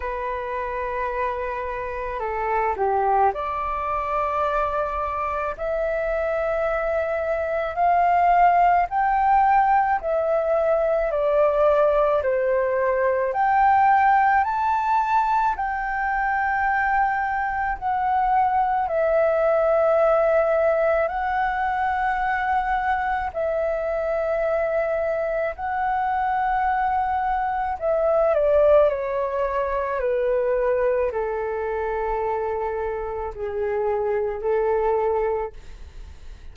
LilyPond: \new Staff \with { instrumentName = "flute" } { \time 4/4 \tempo 4 = 54 b'2 a'8 g'8 d''4~ | d''4 e''2 f''4 | g''4 e''4 d''4 c''4 | g''4 a''4 g''2 |
fis''4 e''2 fis''4~ | fis''4 e''2 fis''4~ | fis''4 e''8 d''8 cis''4 b'4 | a'2 gis'4 a'4 | }